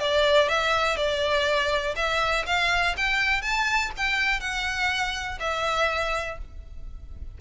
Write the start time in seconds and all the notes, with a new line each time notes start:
0.00 D5
0.49 E5
0.97 D5
1.96 E5
2.46 F5
2.97 G5
3.42 A5
3.97 G5
4.40 F#5
5.40 E5